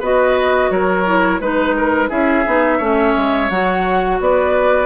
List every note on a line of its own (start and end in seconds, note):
0.00 0.70 B3
0.00 1.05 F#4
0.00 0.70 B4
0.00 0.71 D#5
0.70 1.40 F#3
0.70 1.41 A#4
0.70 1.41 C#5
1.05 1.40 E4
1.40 2.10 G#3
1.40 2.09 D#4
1.40 1.76 B4
1.40 2.10 B4
1.77 2.09 A#4
2.09 2.45 C#4
2.09 2.44 E4
2.09 2.78 G#4
2.09 3.50 E5
2.46 2.80 B3
2.46 2.80 D#4
2.78 3.14 A3
2.78 3.50 C#4
2.78 4.18 C#5
3.16 3.50 G#3
3.50 4.20 F#3
3.50 4.86 F#4
3.50 4.20 F#5
4.20 4.86 B3
4.20 4.86 B4
4.20 4.86 D5